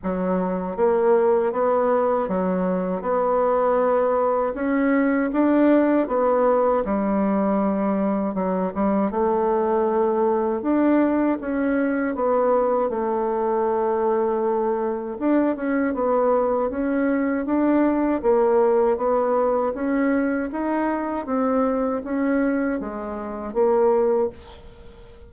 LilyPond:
\new Staff \with { instrumentName = "bassoon" } { \time 4/4 \tempo 4 = 79 fis4 ais4 b4 fis4 | b2 cis'4 d'4 | b4 g2 fis8 g8 | a2 d'4 cis'4 |
b4 a2. | d'8 cis'8 b4 cis'4 d'4 | ais4 b4 cis'4 dis'4 | c'4 cis'4 gis4 ais4 | }